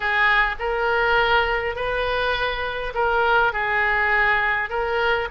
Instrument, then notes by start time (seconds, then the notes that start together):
oboe
0.00 G#4
0.59 A#4
1.75 B4
2.94 A#4
3.53 G#4
4.69 A#4